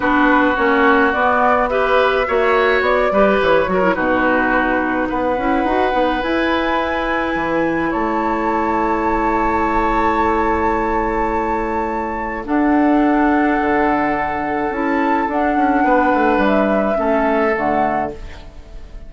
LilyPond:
<<
  \new Staff \with { instrumentName = "flute" } { \time 4/4 \tempo 4 = 106 b'4 cis''4 d''4 e''4~ | e''4 d''4 cis''4 b'4~ | b'4 fis''2 gis''4~ | gis''2 a''2~ |
a''1~ | a''2 fis''2~ | fis''2 a''4 fis''4~ | fis''4 e''2 fis''4 | }
  \new Staff \with { instrumentName = "oboe" } { \time 4/4 fis'2. b'4 | cis''4. b'4 ais'8 fis'4~ | fis'4 b'2.~ | b'2 cis''2~ |
cis''1~ | cis''2 a'2~ | a'1 | b'2 a'2 | }
  \new Staff \with { instrumentName = "clarinet" } { \time 4/4 d'4 cis'4 b4 g'4 | fis'4. g'4 fis'16 e'16 dis'4~ | dis'4. e'8 fis'8 dis'8 e'4~ | e'1~ |
e'1~ | e'2 d'2~ | d'2 e'4 d'4~ | d'2 cis'4 a4 | }
  \new Staff \with { instrumentName = "bassoon" } { \time 4/4 b4 ais4 b2 | ais4 b8 g8 e8 fis8 b,4~ | b,4 b8 cis'8 dis'8 b8 e'4~ | e'4 e4 a2~ |
a1~ | a2 d'2 | d2 cis'4 d'8 cis'8 | b8 a8 g4 a4 d4 | }
>>